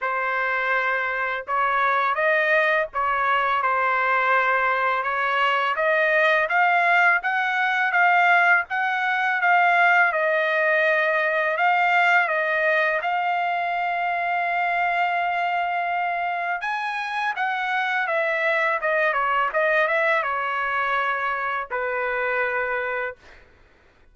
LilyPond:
\new Staff \with { instrumentName = "trumpet" } { \time 4/4 \tempo 4 = 83 c''2 cis''4 dis''4 | cis''4 c''2 cis''4 | dis''4 f''4 fis''4 f''4 | fis''4 f''4 dis''2 |
f''4 dis''4 f''2~ | f''2. gis''4 | fis''4 e''4 dis''8 cis''8 dis''8 e''8 | cis''2 b'2 | }